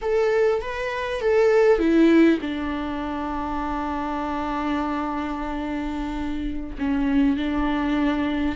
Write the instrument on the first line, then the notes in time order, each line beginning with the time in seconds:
viola
0.01 A4
0.61 B4
1.20 A4
1.78 E4
2.41 D4
6.78 C#4
7.36 D4